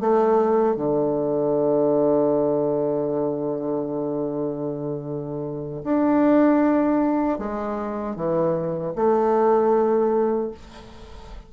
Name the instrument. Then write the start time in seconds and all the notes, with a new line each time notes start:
bassoon
0.00 A3
0.76 D3
5.83 D4
7.38 G#3
8.15 E3
8.95 A3